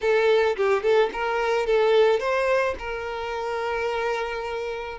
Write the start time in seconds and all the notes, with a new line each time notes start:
0.01 A4
0.56 G4
0.82 A4
1.13 A#4
1.66 A4
2.19 C5
2.78 A#4